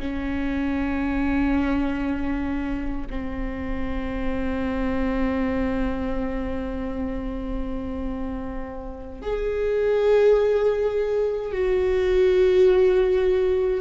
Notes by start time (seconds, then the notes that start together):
0.00 C#4
3.10 C4
9.22 G#4
11.52 F#4